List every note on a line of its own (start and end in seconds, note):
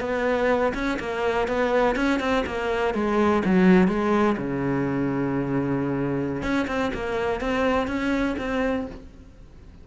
0.00 0.73 B3
0.74 0.98 C#4
0.99 1.48 A#3
1.48 1.96 B3
1.96 2.20 C#4
2.20 2.44 C4
2.46 2.94 A#3
2.94 3.42 G#3
3.45 3.88 F#3
3.88 4.36 G#3
4.37 6.42 C#3
6.42 6.66 C#4
6.67 6.91 C4
6.93 7.40 A#3
7.40 7.87 C4
7.87 8.36 C#4
8.38 8.86 C4